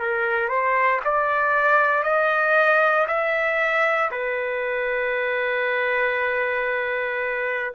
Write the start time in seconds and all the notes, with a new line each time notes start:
0.00 A#4
0.49 C5
1.05 D5
2.04 D#5
3.08 E5
4.11 B4